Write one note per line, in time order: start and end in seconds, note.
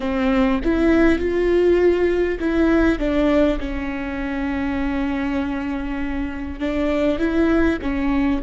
0.00 0.60 C4
0.63 1.18 E4
1.18 2.38 F4
2.39 2.98 E4
2.98 3.58 D4
3.59 6.59 C#4
6.59 7.18 D4
7.18 7.78 E4
7.81 8.41 C#4